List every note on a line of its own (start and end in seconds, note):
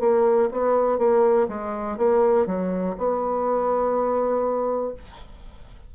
0.00 0.49 A#3
0.52 0.98 B3
0.98 1.48 A#3
1.48 1.98 G#3
1.98 2.46 A#3
2.46 2.96 F#3
2.98 4.94 B3